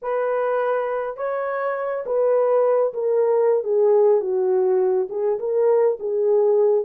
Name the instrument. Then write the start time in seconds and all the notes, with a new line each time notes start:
horn
0.02 B4
1.17 C#5
2.05 B4
2.93 A#4
3.63 G#4
4.20 F#4
5.09 G#4
5.39 A#4
5.99 G#4